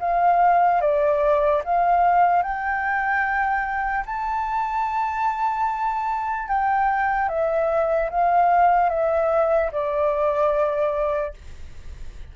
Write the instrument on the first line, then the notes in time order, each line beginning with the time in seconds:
flute
0.00 F5
0.81 D5
1.64 F5
2.43 G5
4.06 A5
6.48 G5
7.29 E5
8.10 F5
8.90 E5
9.72 D5